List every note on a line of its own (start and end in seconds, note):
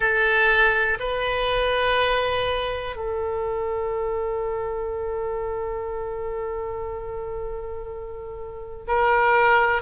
0.00 0.98 A4
0.99 2.96 B4
2.96 8.86 A4
8.87 9.81 A#4